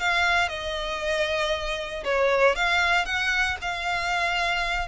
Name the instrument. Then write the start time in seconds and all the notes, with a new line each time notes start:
violin
0.00 F5
0.49 D#5
2.05 C#5
2.56 F5
3.06 F#5
3.62 F5